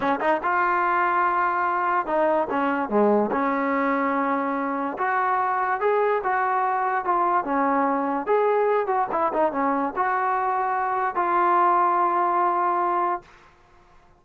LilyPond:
\new Staff \with { instrumentName = "trombone" } { \time 4/4 \tempo 4 = 145 cis'8 dis'8 f'2.~ | f'4 dis'4 cis'4 gis4 | cis'1 | fis'2 gis'4 fis'4~ |
fis'4 f'4 cis'2 | gis'4. fis'8 e'8 dis'8 cis'4 | fis'2. f'4~ | f'1 | }